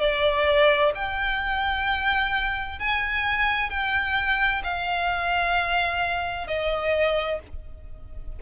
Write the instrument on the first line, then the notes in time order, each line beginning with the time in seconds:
violin
0.00 D5
0.94 G5
2.79 G#5
3.70 G5
4.63 F5
6.47 D#5